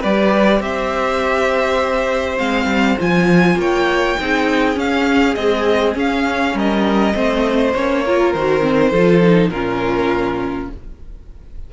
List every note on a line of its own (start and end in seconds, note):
0.00 0.60 G3
0.00 2.38 G4
0.00 0.59 B4
0.00 0.62 D5
0.60 2.38 C4
0.60 3.59 C5
0.60 2.38 E5
2.38 2.65 G#3
2.38 2.97 C4
2.38 2.98 F5
2.65 2.95 G3
2.98 3.55 F3
2.98 4.17 F4
2.98 3.60 G#5
3.55 4.15 A#3
3.55 4.18 C#5
3.55 4.79 G5
4.20 4.76 C4
4.20 4.74 D#4
4.20 6.55 G#4
4.74 5.34 C#4
4.74 5.35 C#4
4.74 5.34 F5
5.34 5.95 G#3
5.34 5.95 C4
5.34 5.94 D#5
5.95 7.13 C#4
5.95 6.54 C#4
5.95 6.58 F5
6.54 7.13 G3
6.54 7.14 A#4
6.54 7.74 D#5
7.13 7.74 A3
7.13 7.73 C4
7.13 8.04 C5
7.74 8.34 A#3
7.74 8.05 C#4
7.74 8.33 C#5
8.04 8.36 F4
8.04 8.90 A#4
8.33 8.92 D#3
8.33 8.61 F#4
8.33 9.49 C5
8.61 8.91 C4
8.90 9.49 F3
8.90 9.23 F4
8.90 9.50 A4
9.23 9.52 D#4
9.49 10.68 A#2
9.49 10.73 C#4
9.49 10.70 F4
9.49 10.68 A#4